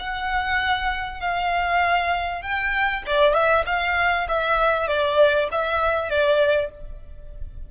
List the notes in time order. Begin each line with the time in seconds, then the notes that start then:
0.00 F#5
1.21 F5
2.43 G5
3.07 D5
3.34 E5
3.67 F5
4.29 E5
4.88 D5
5.52 E5
6.10 D5